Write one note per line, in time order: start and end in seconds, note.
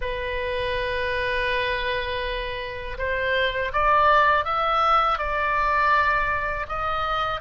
0.01 2.97 B4
2.98 3.72 C5
3.72 4.44 D5
4.44 5.18 E5
5.18 6.66 D5
6.68 7.40 D#5